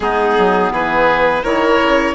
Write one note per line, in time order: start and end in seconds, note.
0.00 0.36 G#3
0.00 1.43 B3
0.00 0.72 D#4
0.00 0.71 G#4
0.37 0.71 F#3
0.71 1.42 E3
0.71 1.42 G#4
0.71 1.44 B4
1.42 1.80 D#3
1.42 2.14 E4
1.42 2.14 A#4
1.42 2.14 C#5
1.81 2.14 C#3